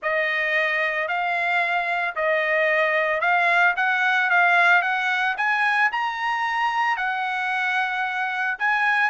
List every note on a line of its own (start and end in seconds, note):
0.02 1.07 D#5
1.07 2.15 F5
2.15 3.20 D#5
3.20 3.74 F5
3.76 4.30 F#5
4.30 4.82 F5
4.82 5.35 F#5
5.37 5.91 G#5
5.91 6.96 A#5
6.96 8.57 F#5
8.58 9.09 G#5